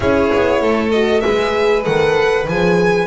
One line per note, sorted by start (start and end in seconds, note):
0.00 0.31 C#4
0.00 0.92 E4
0.00 0.61 G#4
0.00 0.91 C#5
0.34 0.61 B3
0.61 1.23 A3
0.61 1.23 A4
0.91 1.22 F#4
0.91 1.20 D#5
1.20 1.86 G#3
1.20 1.83 G#4
1.20 3.07 B4
1.20 1.82 E5
1.83 2.47 D#3
1.83 2.45 A4
1.83 2.46 F#5
2.47 3.07 F3
2.47 3.07 G#4
2.47 3.07 G#5